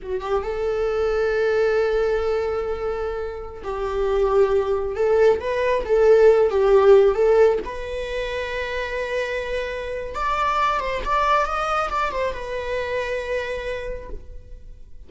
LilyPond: \new Staff \with { instrumentName = "viola" } { \time 4/4 \tempo 4 = 136 fis'8 g'8 a'2.~ | a'1~ | a'16 g'2. a'8.~ | a'16 b'4 a'4. g'4~ g'16~ |
g'16 a'4 b'2~ b'8.~ | b'2. d''4~ | d''8 c''8 d''4 dis''4 d''8 c''8 | b'1 | }